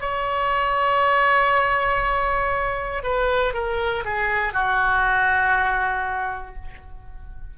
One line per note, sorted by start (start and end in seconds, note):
0.00 3.03 C#5
3.03 3.53 B4
3.53 4.04 A#4
4.04 4.53 G#4
4.53 6.55 F#4